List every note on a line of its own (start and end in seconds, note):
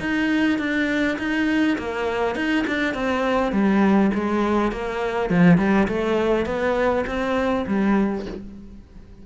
0.00 0.59 D#4
0.59 1.18 D4
1.19 1.78 D#4
1.78 2.36 A#3
2.36 2.65 D#4
2.67 2.94 D4
2.94 3.52 C4
3.52 4.11 G3
4.14 4.72 G#3
4.72 5.30 A#3
5.30 5.58 F3
5.58 5.88 G3
5.88 6.46 A3
6.46 7.05 B3
7.07 7.66 C4
7.67 8.26 G3